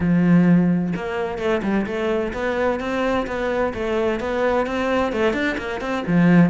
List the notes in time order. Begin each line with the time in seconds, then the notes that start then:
0.00 F3
0.95 A#3
1.38 A3
1.62 G3
1.86 A3
2.33 B3
2.79 C4
3.26 B3
3.74 A3
4.20 B3
4.66 C4
5.12 A3
5.33 D4
5.57 A#3
5.80 C4
6.06 F3